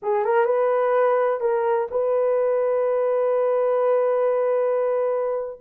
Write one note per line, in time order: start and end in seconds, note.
0.02 0.24 G#4
0.24 0.45 A#4
0.45 1.40 B4
1.40 1.88 A#4
1.90 5.60 B4